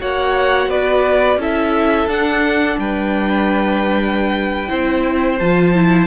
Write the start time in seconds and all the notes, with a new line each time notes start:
0.00 A#3 F#4 C#5 F#5
0.67 B3 B4 D5
1.37 C#4 E4 A4 E5
2.07 D4 F#5
2.78 G3 B4 G5
4.68 C4 E4 C5
5.38 F3 F4 A5
5.75 E4